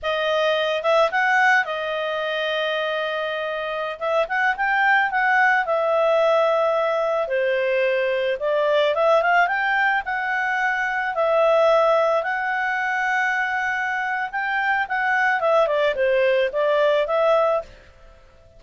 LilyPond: \new Staff \with { instrumentName = "clarinet" } { \time 4/4 \tempo 4 = 109 dis''4. e''8 fis''4 dis''4~ | dis''2.~ dis''16 e''8 fis''16~ | fis''16 g''4 fis''4 e''4.~ e''16~ | e''4~ e''16 c''2 d''8.~ |
d''16 e''8 f''8 g''4 fis''4.~ fis''16~ | fis''16 e''2 fis''4.~ fis''16~ | fis''2 g''4 fis''4 | e''8 d''8 c''4 d''4 e''4 | }